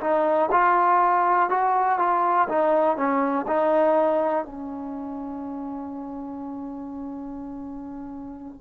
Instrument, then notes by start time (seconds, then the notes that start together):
trombone
0.00 D#4
0.51 F4
1.49 F#4
1.99 F4
2.49 D#4
2.96 C#4
3.47 D#4
4.44 C#4